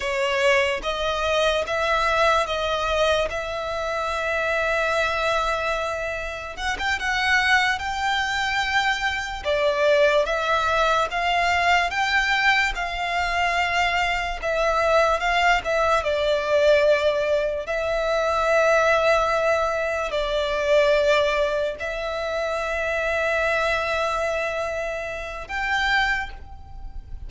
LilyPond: \new Staff \with { instrumentName = "violin" } { \time 4/4 \tempo 4 = 73 cis''4 dis''4 e''4 dis''4 | e''1 | fis''16 g''16 fis''4 g''2 d''8~ | d''8 e''4 f''4 g''4 f''8~ |
f''4. e''4 f''8 e''8 d''8~ | d''4. e''2~ e''8~ | e''8 d''2 e''4.~ | e''2. g''4 | }